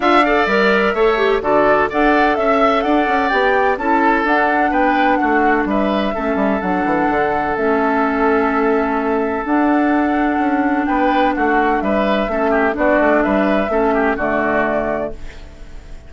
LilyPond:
<<
  \new Staff \with { instrumentName = "flute" } { \time 4/4 \tempo 4 = 127 f''4 e''2 d''4 | fis''4 e''4 fis''4 g''4 | a''4 fis''4 g''4 fis''4 | e''2 fis''2 |
e''1 | fis''2. g''4 | fis''4 e''2 d''4 | e''2 d''2 | }
  \new Staff \with { instrumentName = "oboe" } { \time 4/4 e''8 d''4. cis''4 a'4 | d''4 e''4 d''2 | a'2 b'4 fis'4 | b'4 a'2.~ |
a'1~ | a'2. b'4 | fis'4 b'4 a'8 g'8 fis'4 | b'4 a'8 g'8 fis'2 | }
  \new Staff \with { instrumentName = "clarinet" } { \time 4/4 f'8 a'8 ais'4 a'8 g'8 fis'4 | a'2. g'4 | e'4 d'2.~ | d'4 cis'4 d'2 |
cis'1 | d'1~ | d'2 cis'4 d'4~ | d'4 cis'4 a2 | }
  \new Staff \with { instrumentName = "bassoon" } { \time 4/4 d'4 g4 a4 d4 | d'4 cis'4 d'8 cis'8 b4 | cis'4 d'4 b4 a4 | g4 a8 g8 fis8 e8 d4 |
a1 | d'2 cis'4 b4 | a4 g4 a4 b8 a8 | g4 a4 d2 | }
>>